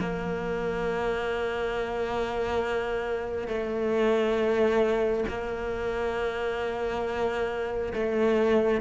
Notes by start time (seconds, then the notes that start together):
0.00 A#3
3.47 A3
5.28 A#3
7.93 A3